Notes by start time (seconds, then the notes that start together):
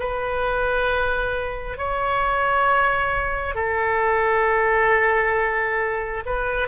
0.00 B4
1.77 C#5
3.55 A4
6.26 B4